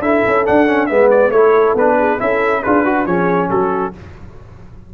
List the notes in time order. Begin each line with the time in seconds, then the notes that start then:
0.00 D4 E4 A4 E5
0.27 C#4
0.45 D4 F#5
0.67 C#4
0.87 G#3 B3 B4 E5
1.11 D5
1.30 A3 E4 A4 C#5
1.74 B3 D4 B4
1.98 G#4
2.19 C#4 E4 A4 E5
2.63 D4 F4 G#4 B4
2.84 F#4
3.06 F3 C#4 G#4 C#5
3.50 F#3 F#4 A4